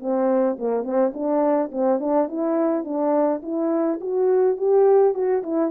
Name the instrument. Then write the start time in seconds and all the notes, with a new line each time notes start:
horn
0.00 C4
0.59 A#3
0.84 C4
1.14 D4
1.72 C4
2.00 D4
2.29 E4
2.84 D4
3.43 E4
4.01 F#4
4.57 G4
5.15 F#4
5.43 E4